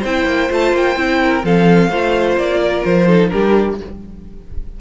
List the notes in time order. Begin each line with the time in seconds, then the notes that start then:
0.00 C4 E4 C5 G5
0.26 A#3
0.49 A3 F4 A5
0.73 A#3 G5
0.96 C4 E4
1.23 A#4
1.43 F3 C4 A4 F5
1.90 A3 F4 C5
2.37 A#3 D5
2.61 A#4
2.85 F3 C5
3.08 D#4 A4
3.29 G3 D4 G4 A#4